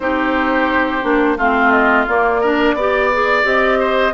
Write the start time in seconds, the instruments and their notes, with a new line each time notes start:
0.00 bassoon C4, clarinet D#4, oboe G4, flute C5
1.02 bassoon A#3, clarinet D4
1.37 bassoon A3, clarinet C4, oboe F4, flute F5
1.71 flute D#5
2.07 clarinet A#3, bassoon A#3, flute D5
2.40 clarinet D4, oboe A#4
2.74 bassoon B3, clarinet G4, oboe D5
3.12 clarinet G#4
3.43 bassoon C4, clarinet G4, flute D#5
3.79 oboe C5